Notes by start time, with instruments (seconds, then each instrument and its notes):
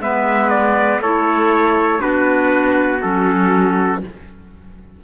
0.00 cello G#3, clarinet B3, trumpet B4 E5
0.50 trumpet D5
0.99 cello A3, clarinet E4, trumpet A4 C#5
1.99 cello B3, clarinet D4, trumpet F#4 B4
3.02 cello F#3, clarinet C#4, trumpet A4